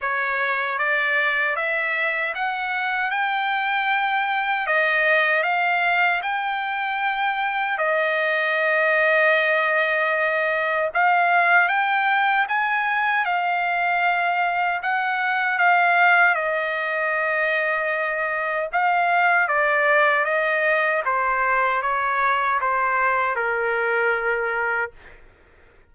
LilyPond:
\new Staff \with { instrumentName = "trumpet" } { \time 4/4 \tempo 4 = 77 cis''4 d''4 e''4 fis''4 | g''2 dis''4 f''4 | g''2 dis''2~ | dis''2 f''4 g''4 |
gis''4 f''2 fis''4 | f''4 dis''2. | f''4 d''4 dis''4 c''4 | cis''4 c''4 ais'2 | }